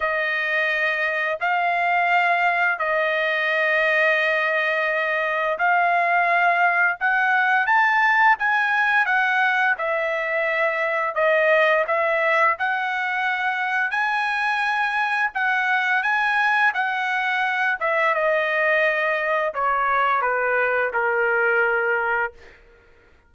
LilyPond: \new Staff \with { instrumentName = "trumpet" } { \time 4/4 \tempo 4 = 86 dis''2 f''2 | dis''1 | f''2 fis''4 a''4 | gis''4 fis''4 e''2 |
dis''4 e''4 fis''2 | gis''2 fis''4 gis''4 | fis''4. e''8 dis''2 | cis''4 b'4 ais'2 | }